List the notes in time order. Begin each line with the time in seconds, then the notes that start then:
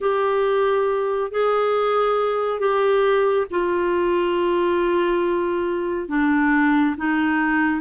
0.00 G4
1.31 G#4
2.59 G4
3.50 F4
6.08 D4
6.97 D#4